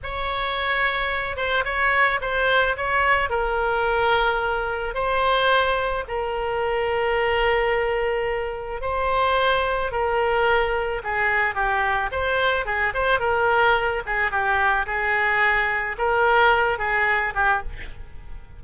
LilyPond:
\new Staff \with { instrumentName = "oboe" } { \time 4/4 \tempo 4 = 109 cis''2~ cis''8 c''8 cis''4 | c''4 cis''4 ais'2~ | ais'4 c''2 ais'4~ | ais'1 |
c''2 ais'2 | gis'4 g'4 c''4 gis'8 c''8 | ais'4. gis'8 g'4 gis'4~ | gis'4 ais'4. gis'4 g'8 | }